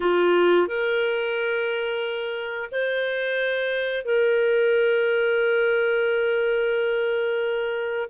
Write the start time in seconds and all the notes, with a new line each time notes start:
0.00 F4
0.67 A#4
2.72 C5
4.04 A#4